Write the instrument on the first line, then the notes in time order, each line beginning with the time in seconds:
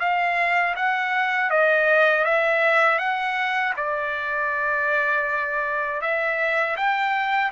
trumpet
0.00 F5
0.76 F#5
1.51 D#5
2.25 E5
2.99 F#5
3.77 D5
6.01 E5
6.77 G5